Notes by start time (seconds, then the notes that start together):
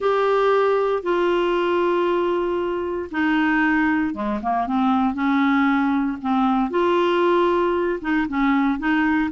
0.00 G4
1.03 F4
3.11 D#4
4.14 G#3
4.42 A#3
4.66 C4
5.14 C#4
6.21 C4
6.70 F4
8.01 D#4
8.28 C#4
8.78 D#4